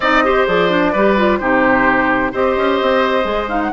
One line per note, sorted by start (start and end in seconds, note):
0.00 0.46 C4
0.00 0.24 D#4
0.00 0.23 D5
0.00 0.46 D#5
0.24 0.48 G4
0.24 0.92 C5
0.47 0.94 F3
0.47 0.70 G#4
0.47 1.37 D5
0.70 0.93 D4
0.92 1.40 G3
0.92 1.17 G4
0.92 1.38 B4
1.17 1.40 F4
1.37 2.33 C3
1.37 2.32 D#4
1.37 2.32 G4
1.37 2.30 C5
2.32 2.56 C4
2.32 3.23 G4
2.32 3.71 C5
2.32 3.49 D#5
2.56 2.79 C#4
2.81 3.24 C4
3.23 3.70 G#3
3.23 3.46 G#4
3.48 3.71 D#4
3.48 3.60 F5
3.62 3.72 F#5